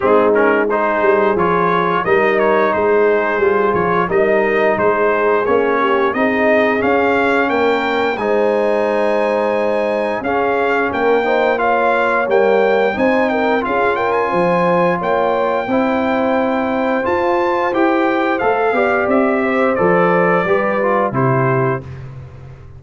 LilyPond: <<
  \new Staff \with { instrumentName = "trumpet" } { \time 4/4 \tempo 4 = 88 gis'8 ais'8 c''4 cis''4 dis''8 cis''8 | c''4. cis''8 dis''4 c''4 | cis''4 dis''4 f''4 g''4 | gis''2. f''4 |
g''4 f''4 g''4 gis''8 g''8 | f''8 g''16 gis''4~ gis''16 g''2~ | g''4 a''4 g''4 f''4 | e''4 d''2 c''4 | }
  \new Staff \with { instrumentName = "horn" } { \time 4/4 dis'4 gis'2 ais'4 | gis'2 ais'4 gis'4~ | gis'8 g'8 gis'2 ais'4 | c''2. gis'4 |
ais'8 c''8 cis''2 c''8 ais'8 | gis'8 ais'8 c''4 cis''4 c''4~ | c''2.~ c''8 d''8~ | d''8 c''4. b'4 g'4 | }
  \new Staff \with { instrumentName = "trombone" } { \time 4/4 c'8 cis'8 dis'4 f'4 dis'4~ | dis'4 f'4 dis'2 | cis'4 dis'4 cis'2 | dis'2. cis'4~ |
cis'8 dis'8 f'4 ais4 dis'4 | f'2. e'4~ | e'4 f'4 g'4 a'8 g'8~ | g'4 a'4 g'8 f'8 e'4 | }
  \new Staff \with { instrumentName = "tuba" } { \time 4/4 gis4. g8 f4 g4 | gis4 g8 f8 g4 gis4 | ais4 c'4 cis'4 ais4 | gis2. cis'4 |
ais2 g4 c'4 | cis'4 f4 ais4 c'4~ | c'4 f'4 e'4 a8 b8 | c'4 f4 g4 c4 | }
>>